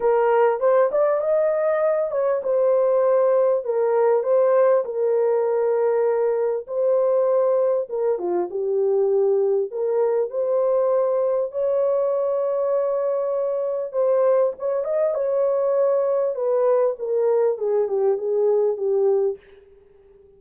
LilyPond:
\new Staff \with { instrumentName = "horn" } { \time 4/4 \tempo 4 = 99 ais'4 c''8 d''8 dis''4. cis''8 | c''2 ais'4 c''4 | ais'2. c''4~ | c''4 ais'8 f'8 g'2 |
ais'4 c''2 cis''4~ | cis''2. c''4 | cis''8 dis''8 cis''2 b'4 | ais'4 gis'8 g'8 gis'4 g'4 | }